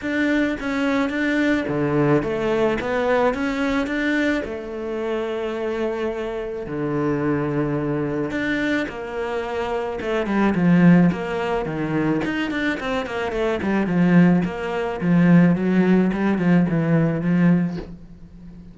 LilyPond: \new Staff \with { instrumentName = "cello" } { \time 4/4 \tempo 4 = 108 d'4 cis'4 d'4 d4 | a4 b4 cis'4 d'4 | a1 | d2. d'4 |
ais2 a8 g8 f4 | ais4 dis4 dis'8 d'8 c'8 ais8 | a8 g8 f4 ais4 f4 | fis4 g8 f8 e4 f4 | }